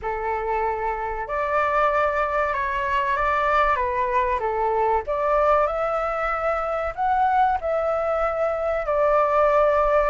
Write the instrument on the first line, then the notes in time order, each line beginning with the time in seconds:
flute
0.01 A4
1.27 D5
2.53 C#5
3.16 D5
3.76 B4
4.39 A4
5.06 D5
5.67 E5
6.95 F#5
7.60 E5
8.86 D5